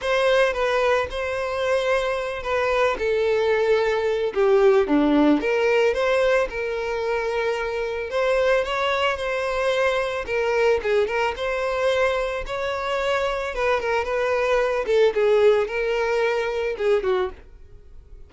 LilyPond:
\new Staff \with { instrumentName = "violin" } { \time 4/4 \tempo 4 = 111 c''4 b'4 c''2~ | c''8 b'4 a'2~ a'8 | g'4 d'4 ais'4 c''4 | ais'2. c''4 |
cis''4 c''2 ais'4 | gis'8 ais'8 c''2 cis''4~ | cis''4 b'8 ais'8 b'4. a'8 | gis'4 ais'2 gis'8 fis'8 | }